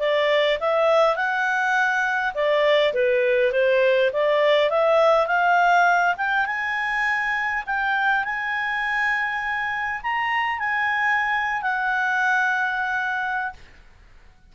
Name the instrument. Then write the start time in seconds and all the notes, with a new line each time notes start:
clarinet
0.00 D5
0.60 E5
1.16 F#5
2.35 D5
2.94 B4
3.52 C5
4.13 D5
4.71 E5
5.27 F5
6.18 G5
6.46 G#5
7.67 G5
8.25 G#5
10.03 A#5
10.59 G#5
11.63 F#5